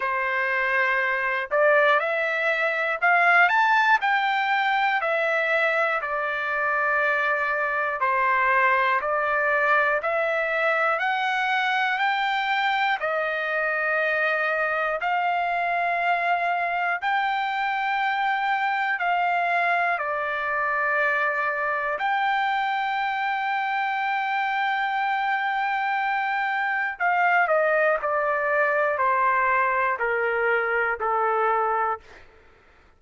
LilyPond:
\new Staff \with { instrumentName = "trumpet" } { \time 4/4 \tempo 4 = 60 c''4. d''8 e''4 f''8 a''8 | g''4 e''4 d''2 | c''4 d''4 e''4 fis''4 | g''4 dis''2 f''4~ |
f''4 g''2 f''4 | d''2 g''2~ | g''2. f''8 dis''8 | d''4 c''4 ais'4 a'4 | }